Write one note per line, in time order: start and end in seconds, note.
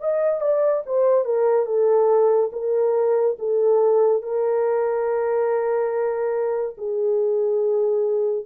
0.00 0.41 D#5
0.41 0.83 D5
0.86 1.25 C5
1.25 1.66 A#4
1.66 2.51 A4
2.53 3.37 A#4
3.39 4.23 A4
4.23 6.76 A#4
6.78 8.46 G#4